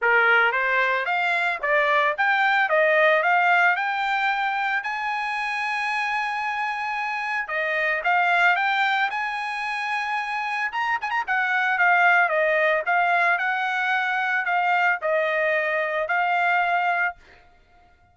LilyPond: \new Staff \with { instrumentName = "trumpet" } { \time 4/4 \tempo 4 = 112 ais'4 c''4 f''4 d''4 | g''4 dis''4 f''4 g''4~ | g''4 gis''2.~ | gis''2 dis''4 f''4 |
g''4 gis''2. | ais''8 gis''16 ais''16 fis''4 f''4 dis''4 | f''4 fis''2 f''4 | dis''2 f''2 | }